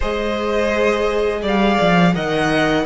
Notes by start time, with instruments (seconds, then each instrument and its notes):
0.00 cello G#3, viola G#4, violin C5 D#5
1.42 cello G3, violin D5 F5
1.80 cello F3
2.14 cello D#3, viola A#4, violin D#5 F#5